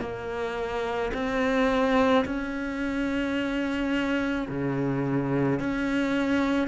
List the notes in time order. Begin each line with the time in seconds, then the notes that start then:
0.00 A#3
1.14 C4
2.25 C#4
4.48 C#3
5.59 C#4